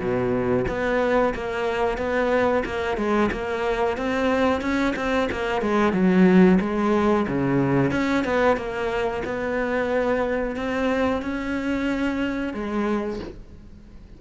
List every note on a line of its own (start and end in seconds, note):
0.00 0.66 B2
0.68 1.34 B3
1.35 1.98 A#3
1.98 2.64 B3
2.66 2.98 A#3
2.98 3.31 G#3
3.32 3.98 A#3
3.98 4.62 C4
4.62 4.95 C#4
4.97 5.30 C4
5.32 5.62 A#3
5.62 5.93 G#3
5.93 6.59 F#3
6.61 7.27 G#3
7.29 7.92 C#3
7.92 8.25 C#4
8.25 8.57 B3
8.57 9.23 A#3
9.25 10.57 B3
10.57 11.22 C4
11.22 12.54 C#4
12.54 13.20 G#3